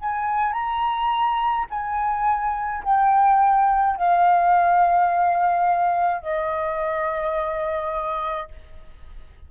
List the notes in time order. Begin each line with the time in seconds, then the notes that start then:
0.00 G#5
0.52 A#5
1.70 G#5
2.84 G5
3.97 F5
6.22 D#5